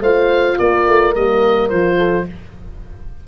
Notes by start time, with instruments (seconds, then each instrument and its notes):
0.00 tuba A3, horn F4 C5, oboe F5
0.58 tuba A#3, horn A#4, oboe D5
0.88 tuba A3
1.15 tuba G3, horn A#3, oboe D#5
1.69 tuba F3, horn F4, oboe C5
1.98 horn A4